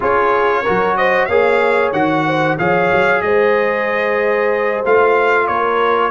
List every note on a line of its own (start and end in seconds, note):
0.00 0.66 C#4
0.00 0.64 F4
0.00 0.62 G#4
0.00 0.97 C#5
0.62 1.29 F#4
0.62 0.94 A#4
0.68 1.28 F#3
0.97 1.28 C5
0.97 1.25 D#5
1.25 1.92 A#3
1.25 1.94 G#4
1.25 2.24 C#5
1.25 1.90 F5
1.92 2.57 D#3
1.92 2.58 F#4
1.92 2.57 F#5
2.26 2.58 C5
2.58 2.91 F3
2.58 4.84 G#4
2.58 3.23 C#5
2.58 3.21 F5
2.92 3.22 F#3
3.21 4.83 G#3
3.21 5.47 C5
3.21 4.82 D#5
4.84 5.48 A3
4.84 6.11 F4
4.84 5.47 F5
5.47 6.11 A#3
5.47 6.11 A#4
5.47 6.11 C#5